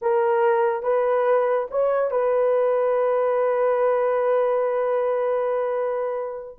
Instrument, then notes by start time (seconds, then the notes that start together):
horn
0.01 A#4
0.82 B4
1.70 C#5
2.10 B4